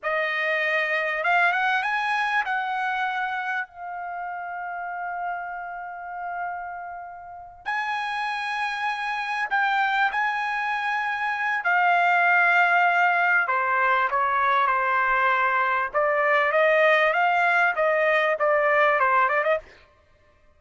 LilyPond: \new Staff \with { instrumentName = "trumpet" } { \time 4/4 \tempo 4 = 98 dis''2 f''8 fis''8 gis''4 | fis''2 f''2~ | f''1~ | f''8 gis''2. g''8~ |
g''8 gis''2~ gis''8 f''4~ | f''2 c''4 cis''4 | c''2 d''4 dis''4 | f''4 dis''4 d''4 c''8 d''16 dis''16 | }